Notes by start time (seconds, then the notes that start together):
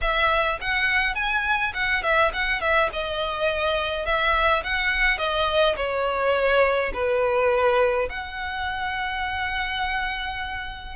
0.01 E5
0.60 F#5
1.15 G#5
1.74 F#5
2.02 E5
2.33 F#5
2.60 E5
2.93 D#5
4.05 E5
4.63 F#5
5.18 D#5
5.76 C#5
6.93 B4
8.09 F#5